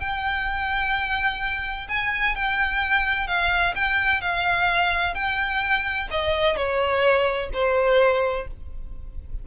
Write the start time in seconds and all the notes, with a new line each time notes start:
0.00 G5
1.88 G#5
2.35 G5
3.27 F5
3.75 G5
4.21 F5
5.14 G5
6.10 D#5
6.56 C#5
7.53 C5